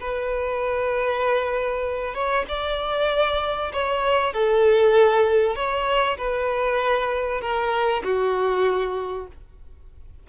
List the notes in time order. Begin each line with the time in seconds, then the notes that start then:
0.00 B4
2.15 C#5
2.49 D5
3.73 C#5
4.33 A4
5.56 C#5
6.18 B4
7.41 A#4
8.04 F#4